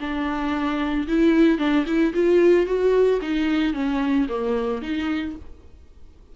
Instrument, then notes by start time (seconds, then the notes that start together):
viola
0.00 D4
1.07 E4
1.58 D4
1.86 E4
2.14 F4
2.66 F#4
3.21 D#4
3.74 C#4
4.29 A#3
4.82 D#4